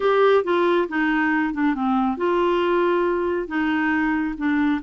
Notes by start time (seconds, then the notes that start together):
0.00 G4
0.44 F4
0.88 D#4
1.53 D4
1.74 C4
2.17 F4
3.47 D#4
4.37 D4